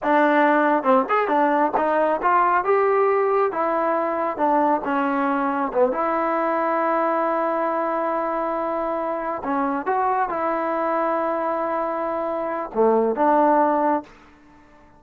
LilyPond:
\new Staff \with { instrumentName = "trombone" } { \time 4/4 \tempo 4 = 137 d'2 c'8 gis'8 d'4 | dis'4 f'4 g'2 | e'2 d'4 cis'4~ | cis'4 b8 e'2~ e'8~ |
e'1~ | e'4. cis'4 fis'4 e'8~ | e'1~ | e'4 a4 d'2 | }